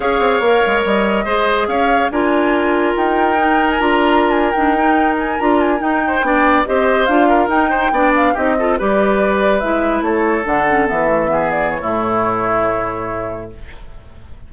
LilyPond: <<
  \new Staff \with { instrumentName = "flute" } { \time 4/4 \tempo 4 = 142 f''2 dis''2 | f''4 gis''2 g''4~ | g''8. gis''16 ais''4~ ais''16 gis''8 g''4~ g''16~ | g''16 gis''8 ais''8 gis''8 g''2 dis''16~ |
dis''8. f''4 g''4. f''8 dis''16~ | dis''8. d''2 e''4 cis''16~ | cis''8. fis''4 e''4. d''8 cis''16~ | cis''1 | }
  \new Staff \with { instrumentName = "oboe" } { \time 4/4 cis''2. c''4 | cis''4 ais'2.~ | ais'1~ | ais'2~ ais'16 c''8 d''4 c''16~ |
c''4~ c''16 ais'4 c''8 d''4 g'16~ | g'16 a'8 b'2. a'16~ | a'2~ a'8. gis'4~ gis'16 | e'1 | }
  \new Staff \with { instrumentName = "clarinet" } { \time 4/4 gis'4 ais'2 gis'4~ | gis'4 f'2. | dis'4 f'4.~ f'16 d'8 dis'8.~ | dis'8. f'4 dis'4 d'4 g'16~ |
g'8. f'4 dis'4 d'4 dis'16~ | dis'16 f'8 g'2 e'4~ e'16~ | e'8. d'8 cis'8 b8 a8 b4~ b16 | a1 | }
  \new Staff \with { instrumentName = "bassoon" } { \time 4/4 cis'8 c'8 ais8 gis8 g4 gis4 | cis'4 d'2 dis'4~ | dis'4 d'4.~ d'16 dis'4~ dis'16~ | dis'8. d'4 dis'4 b4 c'16~ |
c'8. d'4 dis'4 b4 c'16~ | c'8. g2 gis4 a16~ | a8. d4 e2~ e16 | a,1 | }
>>